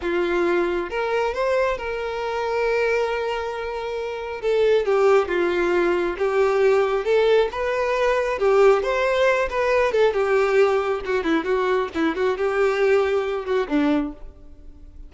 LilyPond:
\new Staff \with { instrumentName = "violin" } { \time 4/4 \tempo 4 = 136 f'2 ais'4 c''4 | ais'1~ | ais'2 a'4 g'4 | f'2 g'2 |
a'4 b'2 g'4 | c''4. b'4 a'8 g'4~ | g'4 fis'8 e'8 fis'4 e'8 fis'8 | g'2~ g'8 fis'8 d'4 | }